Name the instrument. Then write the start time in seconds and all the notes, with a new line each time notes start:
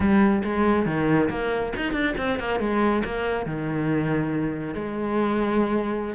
cello
0.00 G3
0.44 G#3
0.86 D#3
1.29 A#3
1.76 D#4
1.92 D4
2.17 C4
2.39 A#3
2.59 G#3
3.05 A#3
3.46 D#3
4.74 G#3